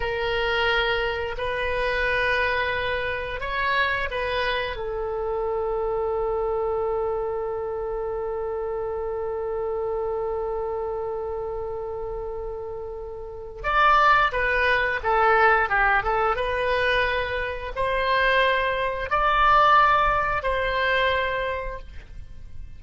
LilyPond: \new Staff \with { instrumentName = "oboe" } { \time 4/4 \tempo 4 = 88 ais'2 b'2~ | b'4 cis''4 b'4 a'4~ | a'1~ | a'1~ |
a'1 | d''4 b'4 a'4 g'8 a'8 | b'2 c''2 | d''2 c''2 | }